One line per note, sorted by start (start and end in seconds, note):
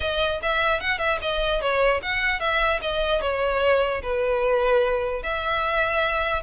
0.00 0.40 D#5
0.42 0.80 E5
0.80 0.98 F#5
0.98 1.18 E5
1.21 1.61 D#5
1.61 2.01 C#5
2.02 2.39 F#5
2.39 2.80 E5
2.81 3.21 D#5
3.21 4.01 C#5
4.02 5.22 B4
5.22 6.42 E5